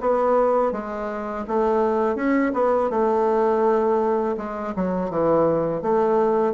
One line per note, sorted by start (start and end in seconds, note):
0.00 0.72 B3
0.72 1.45 G#3
1.47 2.15 A3
2.15 2.52 C#4
2.53 2.89 B3
2.89 4.36 A3
4.37 4.73 G#3
4.75 5.10 F#3
5.10 5.82 E3
5.82 6.53 A3